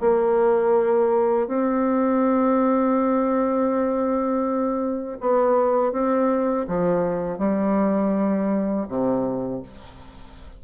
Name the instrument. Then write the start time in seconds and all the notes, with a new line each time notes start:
bassoon
0.00 A#3
1.47 C4
5.20 B3
5.92 C4
6.67 F3
7.38 G3
8.88 C3